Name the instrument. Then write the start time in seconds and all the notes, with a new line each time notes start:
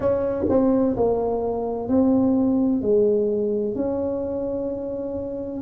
tuba
0.00 C#4
0.49 C4
0.96 A#3
1.88 C4
2.81 G#3
3.75 C#4